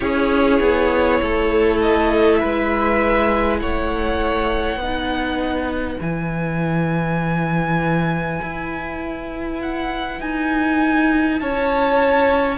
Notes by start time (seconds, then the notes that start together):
0.00 C#4 E4 G#4 C#5
0.59 B3
1.22 A3 A4
1.81 D#5
2.36 B4 E5
2.43 G#3
3.59 A3 C#5 F#5
4.75 B3 B4
4.82 D#4
6.00 E3 E4 G#5
8.41 E4
9.61 F#5
10.21 D#4 G#5
11.40 C#4 C#5 A5